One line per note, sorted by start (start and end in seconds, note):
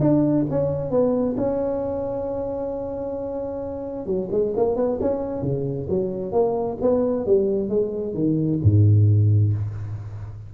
0.00 0.45 D4
0.50 0.90 C#4
0.90 1.36 B3
1.37 4.06 C#4
4.06 4.29 F#3
4.31 4.54 G#3
4.56 4.76 A#3
4.76 4.98 B3
5.01 5.43 C#4
5.43 5.88 C#3
5.89 6.32 F#3
6.32 6.77 A#3
6.81 7.26 B3
7.26 7.69 G3
7.69 8.14 G#3
8.14 8.59 D#3
8.63 9.53 G#2